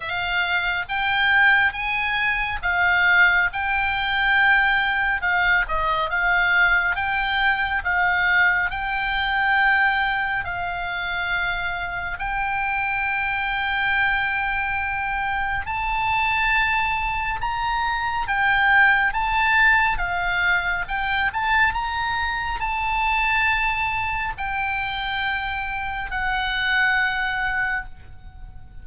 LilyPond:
\new Staff \with { instrumentName = "oboe" } { \time 4/4 \tempo 4 = 69 f''4 g''4 gis''4 f''4 | g''2 f''8 dis''8 f''4 | g''4 f''4 g''2 | f''2 g''2~ |
g''2 a''2 | ais''4 g''4 a''4 f''4 | g''8 a''8 ais''4 a''2 | g''2 fis''2 | }